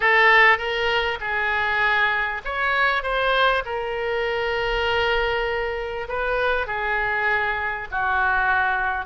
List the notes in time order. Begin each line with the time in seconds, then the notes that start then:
0.00 A4
0.58 A#4
1.20 G#4
2.44 C#5
3.02 C5
3.65 A#4
6.08 B4
6.67 G#4
7.91 F#4